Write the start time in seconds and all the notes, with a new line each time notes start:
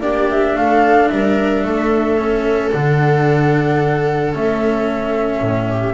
0.00 A#3 D4 G4 D5
0.30 E5
0.55 A3 A4 F5
1.08 G3 A#4 E5
1.64 A3 A4
2.17 C#4
2.71 D3 D4 F#5
4.33 A3 C#4 E5
5.41 A2
5.69 G4